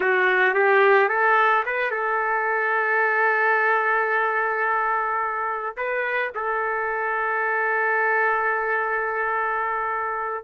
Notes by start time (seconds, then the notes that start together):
0.00 F#4
0.54 G4
1.08 A4
1.65 B4
1.91 A4
5.76 B4
6.35 A4